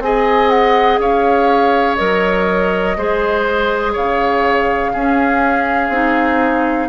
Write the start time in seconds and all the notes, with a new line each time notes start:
0.00 C4 G#4 D#5 G#5
0.50 F#5
0.99 C#4 C#5 F5
1.96 F#3 A#4 D#5
2.97 G#3 G#4 C5
3.93 C#3 C#5 F5
4.93 C#4 G#4
5.89 C4 D#4